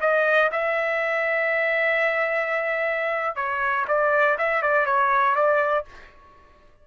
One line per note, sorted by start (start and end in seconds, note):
0.00 0.50 D#5
0.51 3.35 E5
3.35 3.85 C#5
3.88 4.37 D5
4.38 4.62 E5
4.62 4.85 D5
4.85 5.35 C#5
5.35 5.85 D5